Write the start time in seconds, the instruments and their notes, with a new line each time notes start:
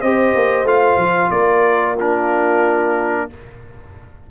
0.00 tuba C4, trombone G4, horn C5, trumpet D#5
0.35 tuba A#3
0.63 tuba A3, trombone F4, trumpet F5
0.97 tuba F3
1.30 tuba A#3, horn A#4, trumpet D5
1.94 trombone D4, horn F4, trumpet A#4